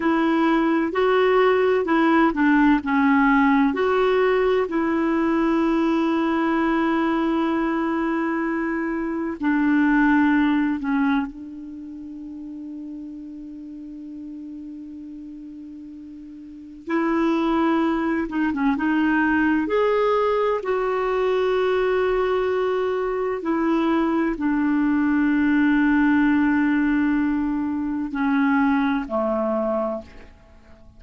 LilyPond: \new Staff \with { instrumentName = "clarinet" } { \time 4/4 \tempo 4 = 64 e'4 fis'4 e'8 d'8 cis'4 | fis'4 e'2.~ | e'2 d'4. cis'8 | d'1~ |
d'2 e'4. dis'16 cis'16 | dis'4 gis'4 fis'2~ | fis'4 e'4 d'2~ | d'2 cis'4 a4 | }